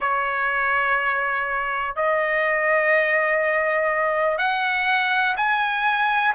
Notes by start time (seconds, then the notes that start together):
0.00 C#5
1.95 D#5
4.38 F#5
5.37 G#5